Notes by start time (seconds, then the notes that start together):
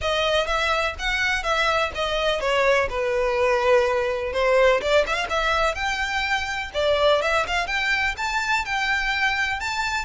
0.01 D#5
0.46 E5
0.98 F#5
1.43 E5
1.95 D#5
2.40 C#5
2.89 B4
4.32 C5
4.81 D5
5.06 E5
5.14 F5
5.29 E5
5.75 G5
6.74 D5
7.21 E5
7.47 F5
7.67 G5
8.17 A5
8.65 G5
9.60 A5